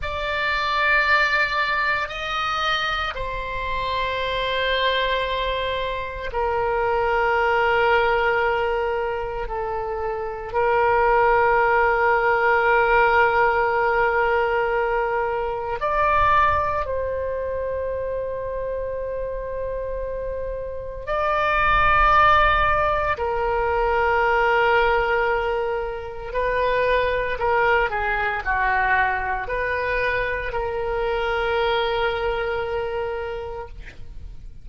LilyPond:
\new Staff \with { instrumentName = "oboe" } { \time 4/4 \tempo 4 = 57 d''2 dis''4 c''4~ | c''2 ais'2~ | ais'4 a'4 ais'2~ | ais'2. d''4 |
c''1 | d''2 ais'2~ | ais'4 b'4 ais'8 gis'8 fis'4 | b'4 ais'2. | }